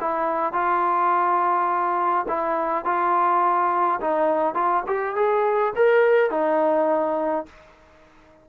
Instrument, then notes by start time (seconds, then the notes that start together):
trombone
0.00 E4
0.52 F4
2.28 E4
2.85 F4
4.00 D#4
4.54 F4
4.87 G4
5.16 G#4
5.75 A#4
6.30 D#4